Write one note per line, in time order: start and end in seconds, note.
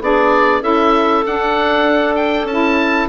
0.00 0.61 B3
0.00 0.61 D4
0.00 0.61 G#4
0.00 0.63 D5
0.61 1.23 C#4
0.61 1.23 E4
0.61 3.08 A4
0.61 1.24 E5
1.26 2.44 D4
1.26 2.50 D4
1.26 2.15 F#5
2.15 2.46 G5
2.44 3.05 C#4
2.44 3.08 A5
2.50 3.08 E4